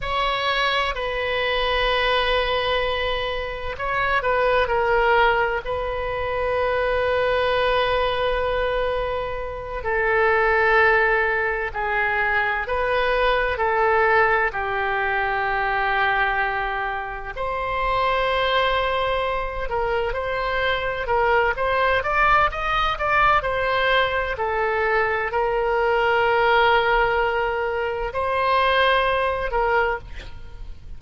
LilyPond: \new Staff \with { instrumentName = "oboe" } { \time 4/4 \tempo 4 = 64 cis''4 b'2. | cis''8 b'8 ais'4 b'2~ | b'2~ b'8 a'4.~ | a'8 gis'4 b'4 a'4 g'8~ |
g'2~ g'8 c''4.~ | c''4 ais'8 c''4 ais'8 c''8 d''8 | dis''8 d''8 c''4 a'4 ais'4~ | ais'2 c''4. ais'8 | }